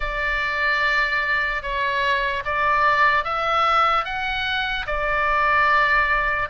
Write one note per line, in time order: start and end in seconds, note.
0.00 1.62 D5
1.62 2.43 C#5
2.45 3.24 D5
3.24 4.04 E5
4.04 4.85 F#5
4.86 6.48 D5